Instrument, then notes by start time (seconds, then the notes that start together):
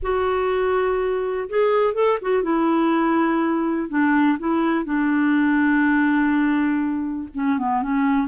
clarinet
0.02 F#4
1.49 G#4
1.94 A4
2.21 F#4
2.43 E4
3.89 D4
4.38 E4
4.84 D4
7.34 C#4
7.58 B3
7.82 C#4